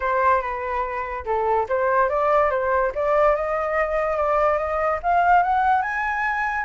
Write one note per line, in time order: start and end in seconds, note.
0.00 0.41 C5
0.41 1.25 B4
1.25 1.66 A4
1.68 2.09 C5
2.09 2.50 D5
2.50 2.92 C5
2.95 3.35 D5
3.35 4.16 D#5
4.16 4.58 D5
4.58 4.99 D#5
5.02 5.43 F5
5.43 5.81 F#5
5.81 6.64 G#5